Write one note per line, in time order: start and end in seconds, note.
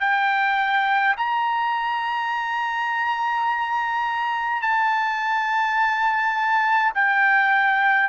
0.00 1.15 G5
1.17 4.62 A#5
4.62 6.93 A5
6.94 8.09 G5